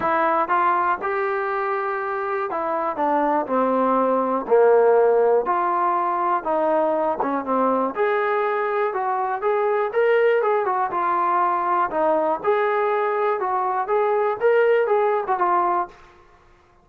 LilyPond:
\new Staff \with { instrumentName = "trombone" } { \time 4/4 \tempo 4 = 121 e'4 f'4 g'2~ | g'4 e'4 d'4 c'4~ | c'4 ais2 f'4~ | f'4 dis'4. cis'8 c'4 |
gis'2 fis'4 gis'4 | ais'4 gis'8 fis'8 f'2 | dis'4 gis'2 fis'4 | gis'4 ais'4 gis'8. fis'16 f'4 | }